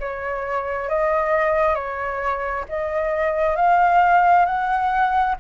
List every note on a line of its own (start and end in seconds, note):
0.00 0.89 C#5
0.89 1.75 D#5
1.75 2.65 C#5
2.69 3.57 D#5
3.57 4.46 F5
4.46 5.36 F#5